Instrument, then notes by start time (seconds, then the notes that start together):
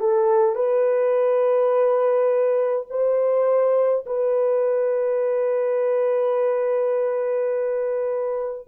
horn
0.00 A4
0.55 B4
2.90 C5
4.06 B4